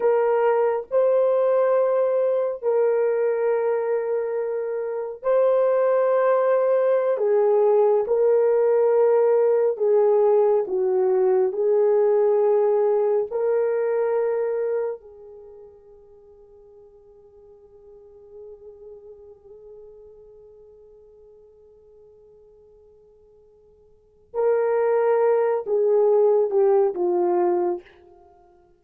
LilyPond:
\new Staff \with { instrumentName = "horn" } { \time 4/4 \tempo 4 = 69 ais'4 c''2 ais'4~ | ais'2 c''2~ | c''16 gis'4 ais'2 gis'8.~ | gis'16 fis'4 gis'2 ais'8.~ |
ais'4~ ais'16 gis'2~ gis'8.~ | gis'1~ | gis'1 | ais'4. gis'4 g'8 f'4 | }